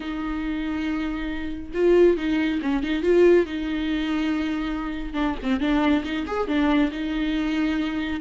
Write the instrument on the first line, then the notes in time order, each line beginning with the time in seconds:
viola
0.00 D#4
1.74 F4
2.17 D#4
2.62 C#4
2.83 D#4
3.02 F4
3.46 D#4
5.13 D4
5.43 C4
5.60 D4
6.04 D#4
6.26 G#4
6.47 D4
6.91 D#4